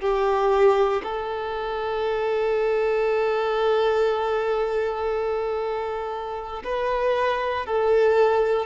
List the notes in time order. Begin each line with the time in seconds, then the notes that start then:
0.00 G4
1.03 A4
6.64 B4
7.66 A4